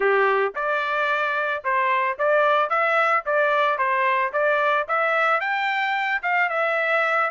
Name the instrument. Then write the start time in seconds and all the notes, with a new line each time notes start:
trumpet
0.00 G4
0.55 D5
1.64 C5
2.18 D5
2.69 E5
3.25 D5
3.78 C5
4.32 D5
4.87 E5
5.40 G5
6.22 F5
6.49 E5